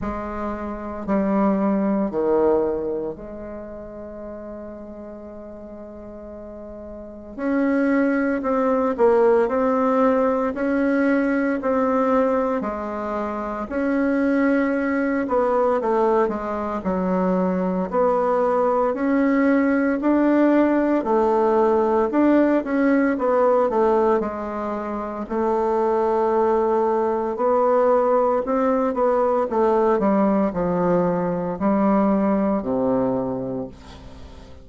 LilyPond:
\new Staff \with { instrumentName = "bassoon" } { \time 4/4 \tempo 4 = 57 gis4 g4 dis4 gis4~ | gis2. cis'4 | c'8 ais8 c'4 cis'4 c'4 | gis4 cis'4. b8 a8 gis8 |
fis4 b4 cis'4 d'4 | a4 d'8 cis'8 b8 a8 gis4 | a2 b4 c'8 b8 | a8 g8 f4 g4 c4 | }